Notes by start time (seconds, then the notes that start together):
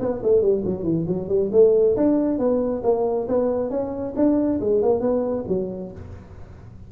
0.00 B3
0.23 A3
0.42 G3
0.65 F#3
0.83 E3
1.07 F#3
1.29 G3
1.52 A3
1.97 D4
2.38 B3
2.83 A#3
3.28 B3
3.70 C#4
4.16 D4
4.60 G#3
4.82 A#3
5.01 B3
5.48 F#3